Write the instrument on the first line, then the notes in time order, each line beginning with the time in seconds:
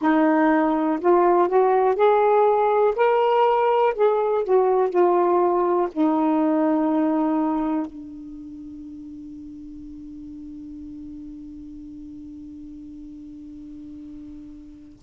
saxophone
0.00 D#4
1.01 F4
1.48 F#4
1.95 G#4
2.95 A#4
3.94 G#4
4.44 F#4
4.90 F4
5.92 D#4
7.86 D4